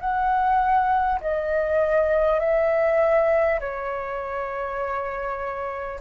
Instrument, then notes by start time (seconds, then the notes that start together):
flute
0.00 F#5
1.20 D#5
2.39 E5
3.60 C#5